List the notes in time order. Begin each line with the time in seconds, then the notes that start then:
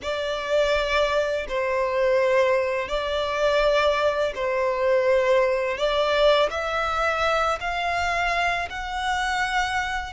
0.02 D5
1.48 C5
2.88 D5
4.35 C5
5.77 D5
6.50 E5
7.60 F5
8.69 F#5